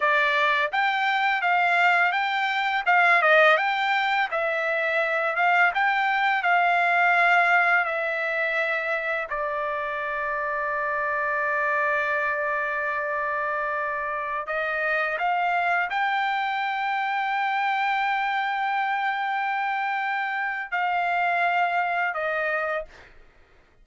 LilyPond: \new Staff \with { instrumentName = "trumpet" } { \time 4/4 \tempo 4 = 84 d''4 g''4 f''4 g''4 | f''8 dis''8 g''4 e''4. f''8 | g''4 f''2 e''4~ | e''4 d''2.~ |
d''1~ | d''16 dis''4 f''4 g''4.~ g''16~ | g''1~ | g''4 f''2 dis''4 | }